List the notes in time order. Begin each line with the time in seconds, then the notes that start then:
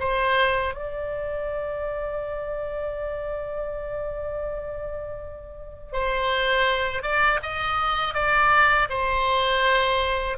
0.00 C5
0.74 D5
5.93 C5
7.02 D5
7.42 D#5
8.14 D5
8.89 C5